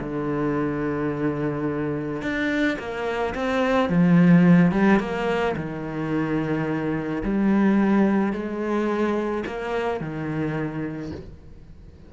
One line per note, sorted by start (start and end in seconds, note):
0.00 2.22 D3
2.22 2.78 D4
2.79 3.34 A#3
3.35 3.89 C4
3.89 4.72 F3
4.72 4.99 G3
5.00 5.55 A#3
5.56 7.23 D#3
7.23 8.33 G3
8.33 9.44 G#3
9.46 10.00 A#3
10.00 11.11 D#3